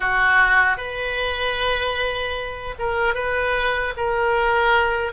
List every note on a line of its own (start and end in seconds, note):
0.00 0.77 F#4
0.77 2.74 B4
2.78 3.14 A#4
3.14 3.93 B4
3.97 5.12 A#4